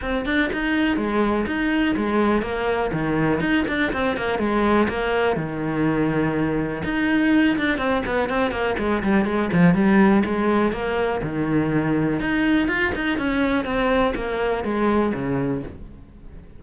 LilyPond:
\new Staff \with { instrumentName = "cello" } { \time 4/4 \tempo 4 = 123 c'8 d'8 dis'4 gis4 dis'4 | gis4 ais4 dis4 dis'8 d'8 | c'8 ais8 gis4 ais4 dis4~ | dis2 dis'4. d'8 |
c'8 b8 c'8 ais8 gis8 g8 gis8 f8 | g4 gis4 ais4 dis4~ | dis4 dis'4 f'8 dis'8 cis'4 | c'4 ais4 gis4 cis4 | }